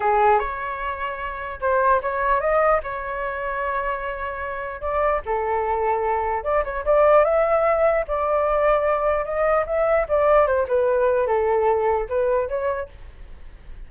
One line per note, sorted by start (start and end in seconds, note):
0.00 0.39 G#4
0.39 1.59 C#5
1.61 2.01 C5
2.02 2.40 C#5
2.40 2.80 D#5
2.83 4.81 C#5
4.81 5.21 D5
5.25 6.43 A4
6.43 6.63 D5
6.64 6.84 C#5
6.85 7.24 D5
7.24 8.05 E5
8.07 9.24 D5
9.24 9.65 D#5
9.66 10.07 E5
10.08 10.46 D5
10.46 10.67 C5
10.68 11.27 B4
11.27 12.07 A4
12.09 12.48 B4
12.48 12.88 C#5